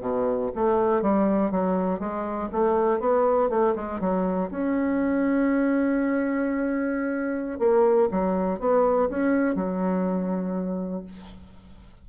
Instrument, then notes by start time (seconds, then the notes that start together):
bassoon
0.00 B2
0.55 A3
1.02 G3
1.51 F#3
1.99 G#3
2.52 A3
2.99 B3
3.49 A3
3.75 G#3
4.00 F#3
4.50 C#4
7.59 A#3
8.11 F#3
8.59 B3
9.09 C#4
9.55 F#3